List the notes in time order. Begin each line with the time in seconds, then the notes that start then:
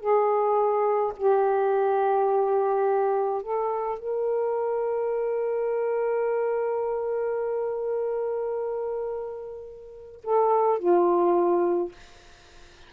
0.00 G#4
1.17 G4
3.42 A4
3.99 A#4
10.24 A4
10.79 F4